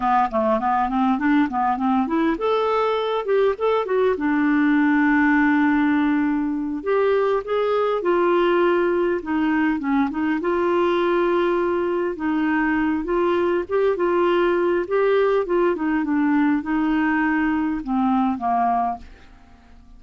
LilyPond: \new Staff \with { instrumentName = "clarinet" } { \time 4/4 \tempo 4 = 101 b8 a8 b8 c'8 d'8 b8 c'8 e'8 | a'4. g'8 a'8 fis'8 d'4~ | d'2.~ d'8 g'8~ | g'8 gis'4 f'2 dis'8~ |
dis'8 cis'8 dis'8 f'2~ f'8~ | f'8 dis'4. f'4 g'8 f'8~ | f'4 g'4 f'8 dis'8 d'4 | dis'2 c'4 ais4 | }